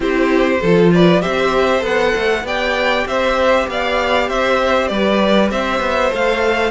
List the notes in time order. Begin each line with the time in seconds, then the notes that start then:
0.00 C4 E4 G4 C5
0.61 F3 F4 A4
0.93 B4 D5
1.21 C4 G4 C5 E5
1.79 B3 A4 F#5
2.15 A3
2.43 B3 G4 D5 G5
3.06 C4 C5 E5
3.67 B3 D5 F5
4.28 C4 C5 E5
4.87 G3 B4 D5
5.50 C4 C5 E5
5.80 B3
6.09 A3 A4 F5